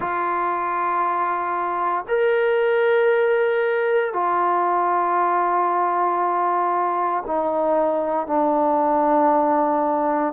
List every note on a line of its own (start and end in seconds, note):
0.00 2.05 F4
2.07 4.13 A#4
4.13 7.23 F4
7.26 8.26 D#4
8.26 10.33 D4